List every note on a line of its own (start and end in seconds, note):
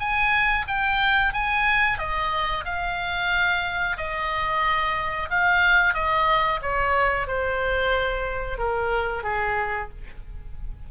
0.00 0.66 G#5
0.68 1.33 G5
1.33 1.99 G#5
1.99 2.65 D#5
2.65 3.97 F5
3.97 5.29 D#5
5.30 5.94 F5
5.94 6.60 D#5
6.62 7.28 C#5
7.28 8.58 C5
8.58 9.24 A#4
9.24 9.90 G#4